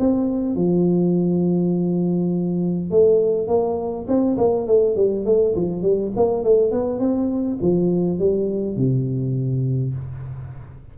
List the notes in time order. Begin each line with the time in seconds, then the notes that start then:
0.00 C4
0.56 F3
2.91 A3
3.48 A#3
4.08 C4
4.38 A#3
4.68 A3
4.97 G3
5.26 A3
5.56 F3
5.83 G3
6.17 A#3
6.44 A3
6.72 B3
7.00 C4
7.62 F3
8.20 G3
8.77 C3